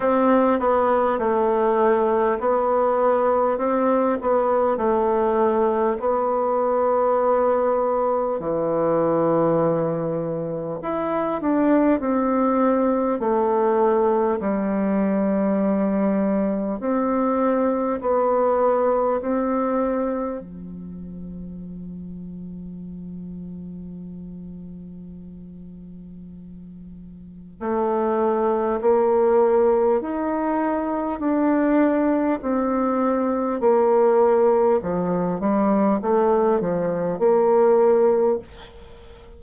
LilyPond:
\new Staff \with { instrumentName = "bassoon" } { \time 4/4 \tempo 4 = 50 c'8 b8 a4 b4 c'8 b8 | a4 b2 e4~ | e4 e'8 d'8 c'4 a4 | g2 c'4 b4 |
c'4 f2.~ | f2. a4 | ais4 dis'4 d'4 c'4 | ais4 f8 g8 a8 f8 ais4 | }